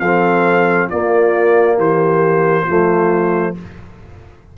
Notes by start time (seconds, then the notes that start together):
0.00 F3 C4 A4 F5
0.88 A#3 F4 D5
1.78 E3 G4 C5
2.64 F3 A3 F4